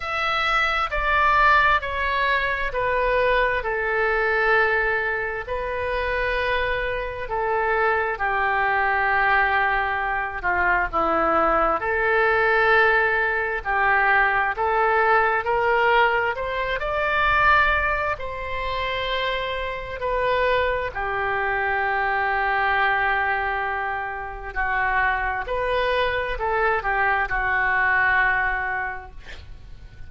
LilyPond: \new Staff \with { instrumentName = "oboe" } { \time 4/4 \tempo 4 = 66 e''4 d''4 cis''4 b'4 | a'2 b'2 | a'4 g'2~ g'8 f'8 | e'4 a'2 g'4 |
a'4 ais'4 c''8 d''4. | c''2 b'4 g'4~ | g'2. fis'4 | b'4 a'8 g'8 fis'2 | }